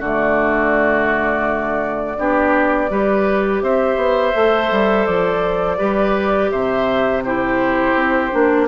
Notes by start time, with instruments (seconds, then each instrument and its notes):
0.00 bassoon D3, clarinet A3, oboe F#4, flute D5
2.18 bassoon B3, clarinet D4, oboe G4
2.90 bassoon G3, clarinet G4, oboe B4
3.62 bassoon C4, oboe C5, flute E5
3.97 bassoon B3
4.34 bassoon A3, clarinet A4
4.72 bassoon G3
5.06 bassoon F3, flute D5
5.78 bassoon G3, clarinet G4, oboe B4
6.51 bassoon C3, oboe C5, flute E5
7.24 clarinet E4, oboe G4, flute C5
7.95 bassoon C4
8.32 bassoon A#3, clarinet D4